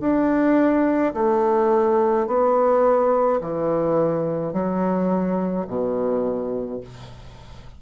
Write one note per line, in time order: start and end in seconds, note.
0.00 1.13 D4
1.14 2.27 A3
2.27 3.40 B3
3.41 4.53 E3
4.53 5.66 F#3
5.67 6.80 B2